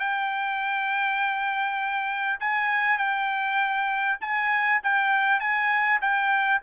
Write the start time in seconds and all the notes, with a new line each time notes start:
0.00 G5
2.41 G#5
2.98 G5
4.21 G#5
4.84 G5
5.40 G#5
6.02 G5